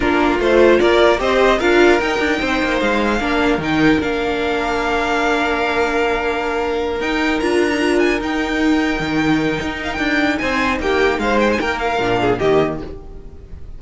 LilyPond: <<
  \new Staff \with { instrumentName = "violin" } { \time 4/4 \tempo 4 = 150 ais'4 c''4 d''4 dis''4 | f''4 g''2 f''4~ | f''4 g''4 f''2~ | f''1~ |
f''4. g''4 ais''4. | gis''8 g''2.~ g''8~ | g''8 f''16 g''4~ g''16 gis''4 g''4 | f''8 g''16 gis''16 g''8 f''4. dis''4 | }
  \new Staff \with { instrumentName = "violin" } { \time 4/4 f'2 ais'4 c''4 | ais'2 c''2 | ais'1~ | ais'1~ |
ais'1~ | ais'1~ | ais'2 c''4 g'4 | c''4 ais'4. gis'8 g'4 | }
  \new Staff \with { instrumentName = "viola" } { \time 4/4 d'4 f'2 g'4 | f'4 dis'2. | d'4 dis'4 d'2~ | d'1~ |
d'4. dis'4 f'8. dis'16 f'8~ | f'8 dis'2.~ dis'8~ | dis'1~ | dis'2 d'4 ais4 | }
  \new Staff \with { instrumentName = "cello" } { \time 4/4 ais4 a4 ais4 c'4 | d'4 dis'8 d'8 c'8 ais8 gis4 | ais4 dis4 ais2~ | ais1~ |
ais4. dis'4 d'4.~ | d'8 dis'2 dis4. | dis'4 d'4 c'4 ais4 | gis4 ais4 ais,4 dis4 | }
>>